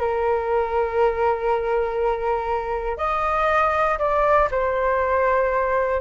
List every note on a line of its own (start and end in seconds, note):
0.00 2.98 A#4
2.98 3.99 D#5
3.99 4.49 D5
4.51 6.01 C5